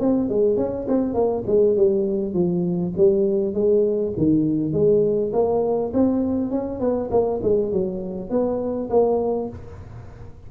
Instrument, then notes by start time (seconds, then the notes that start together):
tuba
0.00 C4
0.29 G#3
0.57 C#4
0.88 C4
1.14 A#3
1.47 G#3
1.76 G3
2.34 F3
2.97 G3
3.54 G#3
4.17 D#3
4.73 G#3
5.33 A#3
5.94 C4
6.51 C#4
6.80 B3
7.11 A#3
7.43 G#3
7.72 F#3
8.30 B3
8.90 A#3